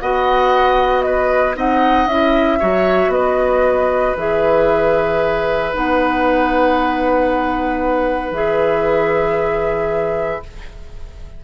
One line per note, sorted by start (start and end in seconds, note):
0.00 1.56 B3
0.00 1.55 F#4
0.00 1.06 D#5
0.00 1.02 F#5
1.02 1.57 B4
1.02 1.54 D#5
1.55 2.06 C4
1.55 2.07 D#4
1.55 2.59 D#5
1.55 2.07 F#5
2.06 2.58 C#4
2.06 2.60 E4
2.06 3.12 E5
2.59 3.08 F#3
2.59 4.16 F#4
2.59 3.11 C#5
3.08 4.12 B3
3.08 10.44 B4
3.08 4.16 D#5
4.17 5.73 E3
4.17 5.73 G#4
4.17 5.73 E5
5.73 8.31 B3
5.73 8.34 D#4
5.73 8.34 F#5
8.31 10.40 E3
8.31 10.42 G#4
8.31 10.43 E5